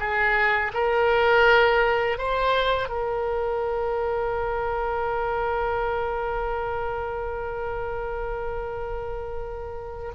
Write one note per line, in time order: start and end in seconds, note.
0.00 0.72 G#4
0.74 2.18 A#4
2.18 2.89 C5
2.89 10.12 A#4